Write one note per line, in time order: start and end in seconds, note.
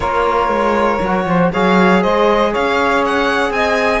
0.00 0.48 A#3
0.00 1.00 F4
0.00 1.25 A#4
0.00 1.51 C#5
0.48 0.98 G#3
1.00 1.25 F#3
1.00 1.53 F#4
1.25 1.50 F3
1.25 1.51 C5
1.51 2.05 F#3
1.51 4.00 G#4
1.51 2.01 C#5
1.51 2.03 F5
2.01 2.55 G#3
2.01 2.51 C5
2.01 2.53 D#5
2.51 3.50 C#4
2.51 3.51 C#5
2.51 3.04 F5
3.05 3.52 F#5
3.50 4.00 C4
3.50 4.00 D#5
3.50 4.00 G#5